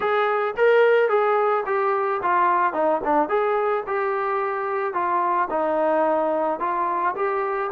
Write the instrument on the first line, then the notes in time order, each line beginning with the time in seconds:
trombone
0.00 G#4
0.56 A#4
1.09 G#4
1.66 G4
2.22 F4
2.73 D#4
3.04 D4
3.28 G#4
3.87 G4
4.93 F4
5.49 D#4
6.59 F4
7.15 G4